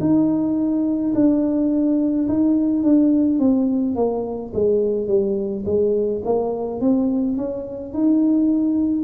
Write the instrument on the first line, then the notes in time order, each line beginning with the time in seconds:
tuba
0.00 D#4
1.15 D4
2.28 D#4
2.83 D4
3.39 C4
3.95 A#3
4.54 G#3
5.07 G3
5.66 G#3
6.24 A#3
6.80 C4
7.37 C#4
7.93 D#4